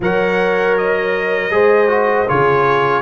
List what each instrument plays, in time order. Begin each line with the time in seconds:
0.00 tuba F#3, trombone A#4, horn C#5, trumpet F#5
0.77 trumpet D#5
1.50 tuba G#3, trombone G#4, horn C5
1.88 trombone F#4
2.27 tuba C#3, trombone F4, horn G#4, trumpet C#5